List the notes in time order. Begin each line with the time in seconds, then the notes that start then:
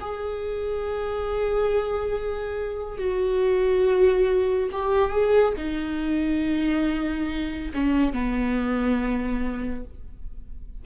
0.00 G#4
2.98 F#4
4.72 G4
5.11 G#4
5.57 D#4
7.74 C#4
8.13 B3